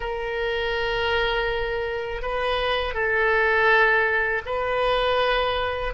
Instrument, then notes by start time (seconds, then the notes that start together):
oboe
0.00 A#4
2.22 B4
2.94 A4
4.45 B4